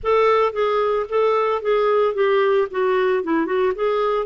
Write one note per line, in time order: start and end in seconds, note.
0.03 0.52 A4
0.52 1.06 G#4
1.09 1.62 A4
1.62 2.14 G#4
2.14 2.68 G4
2.71 3.23 F#4
3.23 3.46 E4
3.46 3.73 F#4
3.75 4.26 G#4